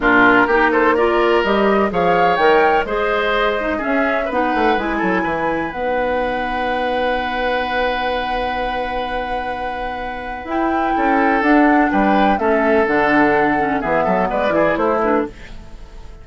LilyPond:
<<
  \new Staff \with { instrumentName = "flute" } { \time 4/4 \tempo 4 = 126 ais'4. c''8 d''4 dis''4 | f''4 g''4 dis''2 | e''4 fis''4 gis''2 | fis''1~ |
fis''1~ | fis''2 g''2 | fis''4 g''4 e''4 fis''4~ | fis''4 e''4 d''4 c''8 b'8 | }
  \new Staff \with { instrumentName = "oboe" } { \time 4/4 f'4 g'8 a'8 ais'2 | cis''2 c''2 | gis'4 b'4. a'8 b'4~ | b'1~ |
b'1~ | b'2. a'4~ | a'4 b'4 a'2~ | a'4 gis'8 a'8 b'8 gis'8 e'4 | }
  \new Staff \with { instrumentName = "clarinet" } { \time 4/4 d'4 dis'4 f'4 g'4 | gis'4 ais'4 gis'4. dis'8 | cis'4 dis'4 e'2 | dis'1~ |
dis'1~ | dis'2 e'2 | d'2 cis'4 d'4~ | d'8 cis'8 b4. e'4 d'8 | }
  \new Staff \with { instrumentName = "bassoon" } { \time 4/4 ais,4 ais2 g4 | f4 dis4 gis2 | cis'4 b8 a8 gis8 fis8 e4 | b1~ |
b1~ | b2 e'4 cis'4 | d'4 g4 a4 d4~ | d4 e8 fis8 gis8 e8 a4 | }
>>